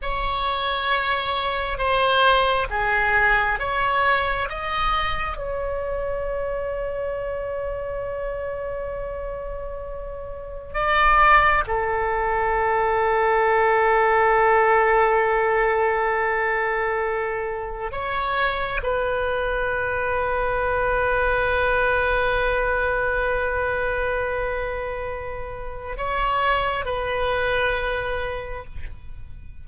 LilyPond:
\new Staff \with { instrumentName = "oboe" } { \time 4/4 \tempo 4 = 67 cis''2 c''4 gis'4 | cis''4 dis''4 cis''2~ | cis''1 | d''4 a'2.~ |
a'1 | cis''4 b'2.~ | b'1~ | b'4 cis''4 b'2 | }